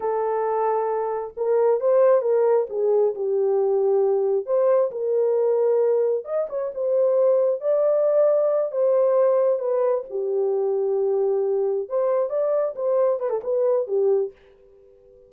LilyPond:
\new Staff \with { instrumentName = "horn" } { \time 4/4 \tempo 4 = 134 a'2. ais'4 | c''4 ais'4 gis'4 g'4~ | g'2 c''4 ais'4~ | ais'2 dis''8 cis''8 c''4~ |
c''4 d''2~ d''8 c''8~ | c''4. b'4 g'4.~ | g'2~ g'8 c''4 d''8~ | d''8 c''4 b'16 a'16 b'4 g'4 | }